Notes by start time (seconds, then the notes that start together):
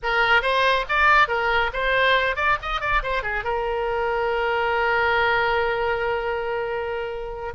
0.02 A#4
0.42 C5
0.88 D5
1.27 A#4
1.73 C5
2.36 D5
2.62 D#5
2.80 D5
3.02 C5
3.23 G#4
3.44 A#4